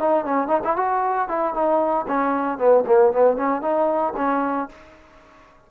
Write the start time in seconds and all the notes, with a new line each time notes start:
0.00 D#4
0.25 C#4
0.48 D#4
0.64 E4
0.76 F#4
1.29 E4
1.54 D#4
2.08 C#4
2.58 B3
2.86 A#3
3.13 B3
3.37 C#4
3.62 D#4
4.17 C#4